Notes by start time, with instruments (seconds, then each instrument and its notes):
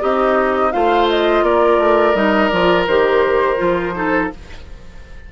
0.00 bassoon C4, oboe D#4, clarinet G4, flute D#5
0.72 bassoon A3, clarinet F4, oboe C5, flute F5
1.09 flute D#5
1.42 bassoon A#3, oboe A#4, flute D5
1.78 bassoon A3
2.14 bassoon G3, clarinet D#4, flute D#5
2.48 bassoon F3, clarinet F4, flute D5
2.87 bassoon D#3, clarinet G4, flute C5
3.57 bassoon F3, clarinet F4
3.94 clarinet D#4, oboe A4